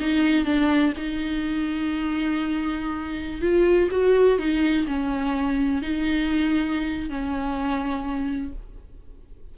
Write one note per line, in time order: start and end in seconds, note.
0.00 0.45 D#4
0.45 0.93 D4
0.97 3.42 D#4
3.42 3.89 F4
3.91 4.39 F#4
4.39 4.86 D#4
4.87 5.82 C#4
5.82 7.10 D#4
7.10 8.52 C#4